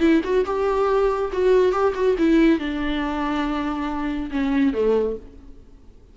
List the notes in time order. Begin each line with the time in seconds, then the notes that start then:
0.00 E4
0.24 F#4
0.46 G4
1.33 F#4
1.72 G4
1.95 F#4
2.18 E4
2.59 D4
4.31 C#4
4.74 A3